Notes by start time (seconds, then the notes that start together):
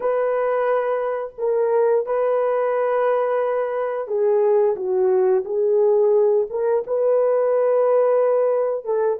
0.00 B4
1.38 A#4
2.06 B4
4.07 G#4
4.75 F#4
5.45 G#4
6.50 A#4
6.86 B4
8.84 A4